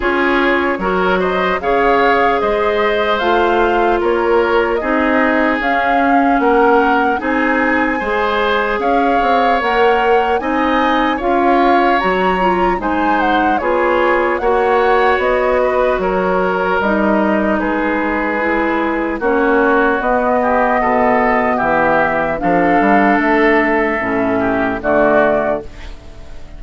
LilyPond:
<<
  \new Staff \with { instrumentName = "flute" } { \time 4/4 \tempo 4 = 75 cis''4. dis''8 f''4 dis''4 | f''4 cis''4 dis''4 f''4 | fis''4 gis''2 f''4 | fis''4 gis''4 f''4 ais''4 |
gis''8 fis''8 cis''4 fis''4 dis''4 | cis''4 dis''4 b'2 | cis''4 dis''2 e''4 | f''4 e''2 d''4 | }
  \new Staff \with { instrumentName = "oboe" } { \time 4/4 gis'4 ais'8 c''8 cis''4 c''4~ | c''4 ais'4 gis'2 | ais'4 gis'4 c''4 cis''4~ | cis''4 dis''4 cis''2 |
c''4 gis'4 cis''4. b'8 | ais'2 gis'2 | fis'4. g'8 a'4 g'4 | a'2~ a'8 g'8 fis'4 | }
  \new Staff \with { instrumentName = "clarinet" } { \time 4/4 f'4 fis'4 gis'2 | f'2 dis'4 cis'4~ | cis'4 dis'4 gis'2 | ais'4 dis'4 f'4 fis'8 f'8 |
dis'4 f'4 fis'2~ | fis'4 dis'2 e'4 | cis'4 b2. | d'2 cis'4 a4 | }
  \new Staff \with { instrumentName = "bassoon" } { \time 4/4 cis'4 fis4 cis4 gis4 | a4 ais4 c'4 cis'4 | ais4 c'4 gis4 cis'8 c'8 | ais4 c'4 cis'4 fis4 |
gis4 b4 ais4 b4 | fis4 g4 gis2 | ais4 b4 b,4 e4 | f8 g8 a4 a,4 d4 | }
>>